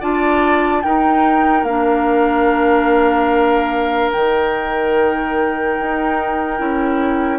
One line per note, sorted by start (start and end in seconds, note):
0.00 0.84 D4
0.00 0.83 F4
0.00 0.82 D5
0.00 0.82 A5
0.82 1.66 D#4
0.82 1.63 D#4
0.82 7.39 A#4
0.82 1.64 G5
1.63 4.09 A#3
1.63 4.14 D4
1.63 4.10 F5
4.11 5.79 D#3
4.11 6.58 D#4
4.11 7.39 G5
5.79 6.60 D#4
6.58 7.39 C#4
6.58 7.39 E4